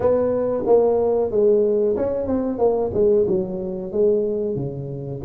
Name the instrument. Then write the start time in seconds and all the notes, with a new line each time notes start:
tuba
0.00 B3
0.66 A#3
1.30 G#3
1.96 C#4
2.26 C4
2.58 A#3
2.93 G#3
3.27 F#3
3.92 G#3
4.55 C#3